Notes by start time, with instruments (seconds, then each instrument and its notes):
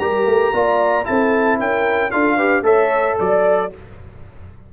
0.00 tuba G3, trombone G4, horn A#4, trumpet A#5
0.26 tuba A3
0.53 tuba A#3, trombone F4, horn D5
1.04 tuba C4, trombone E4, horn A4, trumpet A5
1.59 tuba C#4, horn A#4, trumpet G5
2.11 tuba D4, trombone F4, horn A4, trumpet F5
2.37 trombone G4, horn B4
2.63 tuba A3, trombone A4, horn C#5, trumpet E5
3.20 tuba F#3, trumpet D5, horn D5